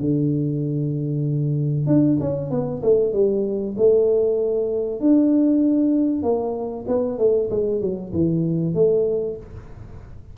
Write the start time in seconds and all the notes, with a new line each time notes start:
0.00 D3
1.87 D4
2.20 C#4
2.51 B3
2.83 A3
3.13 G3
3.77 A3
5.00 D4
6.23 A#3
6.88 B3
7.18 A3
7.50 G#3
7.81 F#3
8.12 E3
8.74 A3